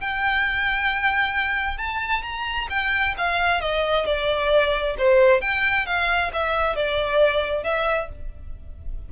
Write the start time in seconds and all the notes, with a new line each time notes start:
0.00 G5
1.78 A5
2.22 A#5
2.69 G5
3.17 F5
3.60 D#5
4.05 D5
4.98 C5
5.41 G5
5.86 F5
6.33 E5
6.75 D5
7.63 E5